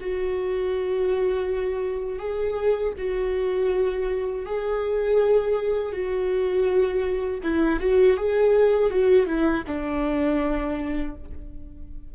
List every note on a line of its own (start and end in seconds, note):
0.00 2.19 F#4
2.19 2.93 G#4
2.98 4.46 F#4
4.46 5.92 G#4
5.92 7.40 F#4
7.43 7.80 E4
7.80 8.17 F#4
8.17 8.90 G#4
8.90 9.26 F#4
9.26 9.63 E4
9.67 11.15 D4